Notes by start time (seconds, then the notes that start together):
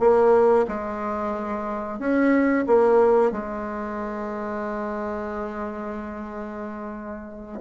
0.00 A#3
0.68 G#3
2.00 C#4
2.67 A#3
3.32 G#3